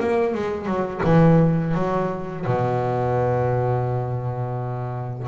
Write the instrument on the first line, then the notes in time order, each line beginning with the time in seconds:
double bass
0.00 A#3
0.35 G#3
0.66 F#3
1.04 E3
1.75 F#3
2.46 B2